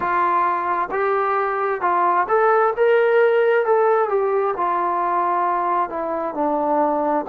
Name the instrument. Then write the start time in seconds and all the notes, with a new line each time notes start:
trombone
0.00 F4
0.91 G4
1.81 F4
2.28 A4
2.76 A#4
3.65 A4
4.09 G4
4.56 F4
5.89 E4
6.34 D4